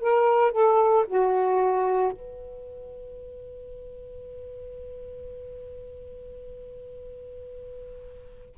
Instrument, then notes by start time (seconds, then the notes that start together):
saxophone
0.00 A#4
0.52 A4
1.07 F#4
2.12 B4